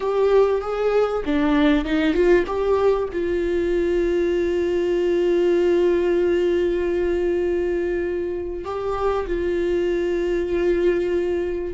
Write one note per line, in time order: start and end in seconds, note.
0.00 0.61 G4
0.61 1.23 G#4
1.25 1.84 D4
1.84 2.13 D#4
2.13 2.44 F4
2.47 3.08 G4
3.12 8.64 F4
8.64 9.26 G4
9.26 11.74 F4